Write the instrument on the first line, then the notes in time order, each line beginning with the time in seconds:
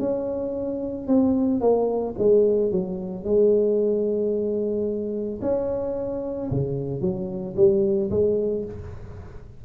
tuba
0.00 C#4
1.08 C4
1.61 A#3
2.19 G#3
2.72 F#3
3.25 G#3
5.42 C#4
6.51 C#3
7.01 F#3
7.57 G3
8.11 G#3